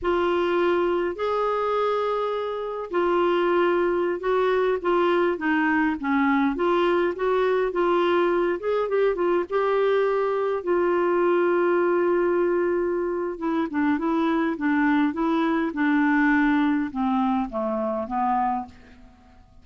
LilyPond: \new Staff \with { instrumentName = "clarinet" } { \time 4/4 \tempo 4 = 103 f'2 gis'2~ | gis'4 f'2~ f'16 fis'8.~ | fis'16 f'4 dis'4 cis'4 f'8.~ | f'16 fis'4 f'4. gis'8 g'8 f'16~ |
f'16 g'2 f'4.~ f'16~ | f'2. e'8 d'8 | e'4 d'4 e'4 d'4~ | d'4 c'4 a4 b4 | }